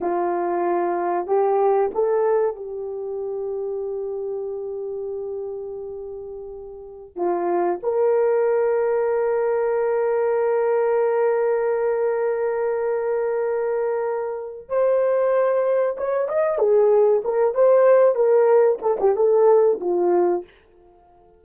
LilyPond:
\new Staff \with { instrumentName = "horn" } { \time 4/4 \tempo 4 = 94 f'2 g'4 a'4 | g'1~ | g'2.~ g'16 f'8.~ | f'16 ais'2.~ ais'8.~ |
ais'1~ | ais'2. c''4~ | c''4 cis''8 dis''8 gis'4 ais'8 c''8~ | c''8 ais'4 a'16 g'16 a'4 f'4 | }